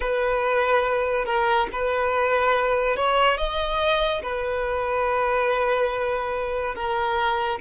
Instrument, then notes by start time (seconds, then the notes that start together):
violin
0.00 B4
1.25 A#4
1.72 B4
2.96 C#5
3.37 D#5
4.22 B4
6.75 A#4